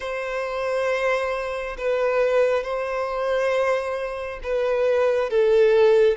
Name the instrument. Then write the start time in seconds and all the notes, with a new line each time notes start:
violin
0.00 C5
1.77 B4
2.63 C5
4.43 B4
5.30 A4